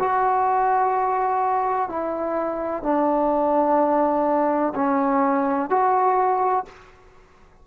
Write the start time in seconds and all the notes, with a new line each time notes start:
0.00 F#4
1.89 E4
2.83 D4
4.75 C#4
5.70 F#4